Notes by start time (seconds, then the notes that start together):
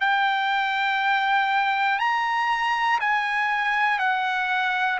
0.00 G5
1.99 A#5
3.00 G#5
3.99 F#5